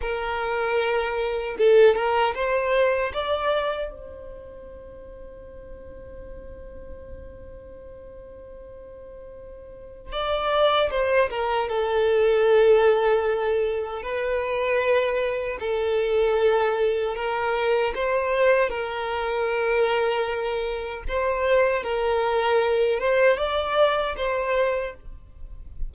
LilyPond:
\new Staff \with { instrumentName = "violin" } { \time 4/4 \tempo 4 = 77 ais'2 a'8 ais'8 c''4 | d''4 c''2.~ | c''1~ | c''4 d''4 c''8 ais'8 a'4~ |
a'2 b'2 | a'2 ais'4 c''4 | ais'2. c''4 | ais'4. c''8 d''4 c''4 | }